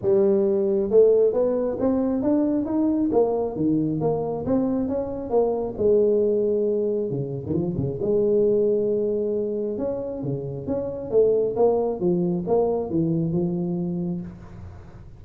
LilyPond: \new Staff \with { instrumentName = "tuba" } { \time 4/4 \tempo 4 = 135 g2 a4 b4 | c'4 d'4 dis'4 ais4 | dis4 ais4 c'4 cis'4 | ais4 gis2. |
cis8. dis16 f8 cis8 gis2~ | gis2 cis'4 cis4 | cis'4 a4 ais4 f4 | ais4 e4 f2 | }